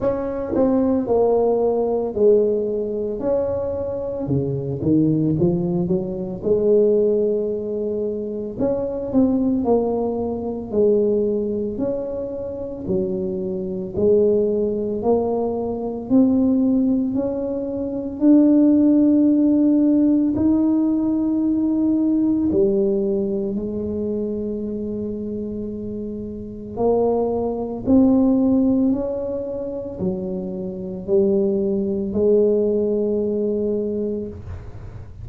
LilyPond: \new Staff \with { instrumentName = "tuba" } { \time 4/4 \tempo 4 = 56 cis'8 c'8 ais4 gis4 cis'4 | cis8 dis8 f8 fis8 gis2 | cis'8 c'8 ais4 gis4 cis'4 | fis4 gis4 ais4 c'4 |
cis'4 d'2 dis'4~ | dis'4 g4 gis2~ | gis4 ais4 c'4 cis'4 | fis4 g4 gis2 | }